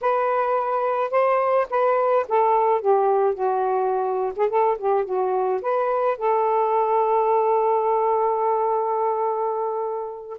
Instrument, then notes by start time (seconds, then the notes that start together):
saxophone
0.01 B4
1.11 C5
1.69 B4
2.28 A4
2.81 G4
3.34 F#4
4.36 G#4
4.49 A4
4.78 G4
5.05 F#4
5.61 B4
6.17 A4